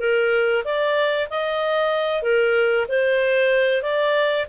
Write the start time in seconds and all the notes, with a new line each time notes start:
0.00 A#4
0.64 D5
1.30 D#5
2.23 A#4
2.89 C5
3.82 D5